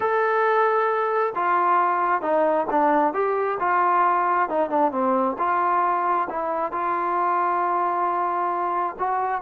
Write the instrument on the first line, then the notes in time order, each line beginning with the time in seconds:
trombone
0.00 A4
1.35 F4
2.21 D#4
2.70 D4
3.13 G4
3.59 F4
4.49 D#4
4.69 D4
4.91 C4
5.38 F4
6.29 E4
6.72 F4
8.98 F#4